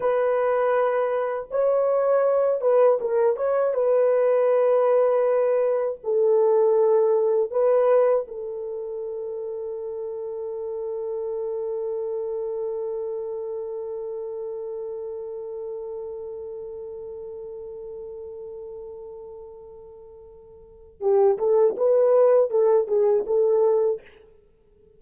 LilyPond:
\new Staff \with { instrumentName = "horn" } { \time 4/4 \tempo 4 = 80 b'2 cis''4. b'8 | ais'8 cis''8 b'2. | a'2 b'4 a'4~ | a'1~ |
a'1~ | a'1~ | a'1 | g'8 a'8 b'4 a'8 gis'8 a'4 | }